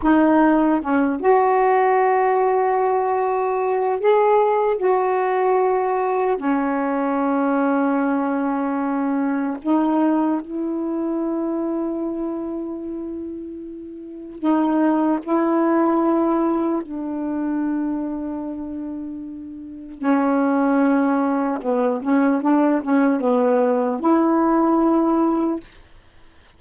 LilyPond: \new Staff \with { instrumentName = "saxophone" } { \time 4/4 \tempo 4 = 75 dis'4 cis'8 fis'2~ fis'8~ | fis'4 gis'4 fis'2 | cis'1 | dis'4 e'2.~ |
e'2 dis'4 e'4~ | e'4 d'2.~ | d'4 cis'2 b8 cis'8 | d'8 cis'8 b4 e'2 | }